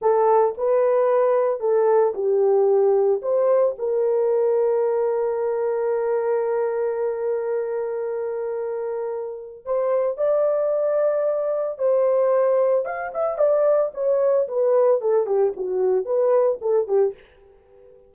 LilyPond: \new Staff \with { instrumentName = "horn" } { \time 4/4 \tempo 4 = 112 a'4 b'2 a'4 | g'2 c''4 ais'4~ | ais'1~ | ais'1~ |
ais'2 c''4 d''4~ | d''2 c''2 | f''8 e''8 d''4 cis''4 b'4 | a'8 g'8 fis'4 b'4 a'8 g'8 | }